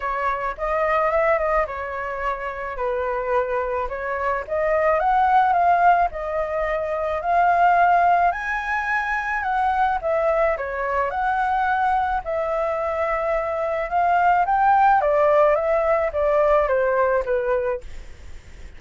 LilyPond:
\new Staff \with { instrumentName = "flute" } { \time 4/4 \tempo 4 = 108 cis''4 dis''4 e''8 dis''8 cis''4~ | cis''4 b'2 cis''4 | dis''4 fis''4 f''4 dis''4~ | dis''4 f''2 gis''4~ |
gis''4 fis''4 e''4 cis''4 | fis''2 e''2~ | e''4 f''4 g''4 d''4 | e''4 d''4 c''4 b'4 | }